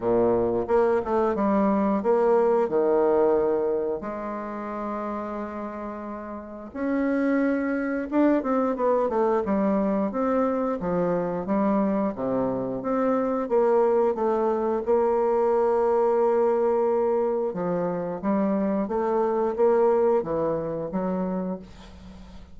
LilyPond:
\new Staff \with { instrumentName = "bassoon" } { \time 4/4 \tempo 4 = 89 ais,4 ais8 a8 g4 ais4 | dis2 gis2~ | gis2 cis'2 | d'8 c'8 b8 a8 g4 c'4 |
f4 g4 c4 c'4 | ais4 a4 ais2~ | ais2 f4 g4 | a4 ais4 e4 fis4 | }